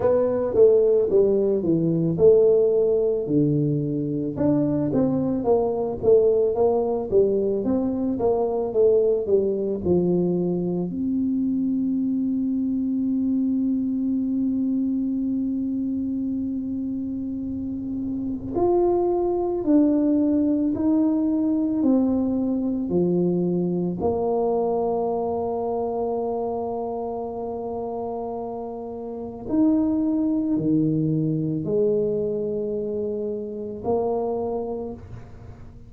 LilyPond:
\new Staff \with { instrumentName = "tuba" } { \time 4/4 \tempo 4 = 55 b8 a8 g8 e8 a4 d4 | d'8 c'8 ais8 a8 ais8 g8 c'8 ais8 | a8 g8 f4 c'2~ | c'1~ |
c'4 f'4 d'4 dis'4 | c'4 f4 ais2~ | ais2. dis'4 | dis4 gis2 ais4 | }